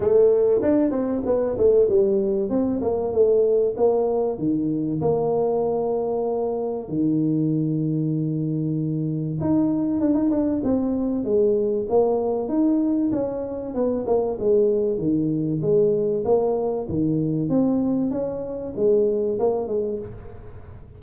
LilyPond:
\new Staff \with { instrumentName = "tuba" } { \time 4/4 \tempo 4 = 96 a4 d'8 c'8 b8 a8 g4 | c'8 ais8 a4 ais4 dis4 | ais2. dis4~ | dis2. dis'4 |
d'16 dis'16 d'8 c'4 gis4 ais4 | dis'4 cis'4 b8 ais8 gis4 | dis4 gis4 ais4 dis4 | c'4 cis'4 gis4 ais8 gis8 | }